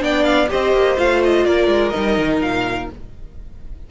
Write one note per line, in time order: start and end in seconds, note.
0.00 0.49 B3
0.00 0.48 D4
0.00 0.51 D5
0.00 0.24 G5
0.24 0.48 F5
0.49 0.73 C4
0.49 0.97 G4
0.49 1.47 C5
0.49 0.98 D#5
0.73 0.97 A#3
0.97 1.45 A3
0.97 1.93 F4
0.97 1.22 F5
1.24 1.45 D#5
1.45 1.67 A#3
1.45 2.91 A#4
1.45 1.90 D5
1.67 1.91 G#3
1.90 2.90 D#4
1.90 2.38 D#5
1.96 2.18 G3
2.18 2.42 D#3
2.42 2.90 A#2
2.42 2.90 F5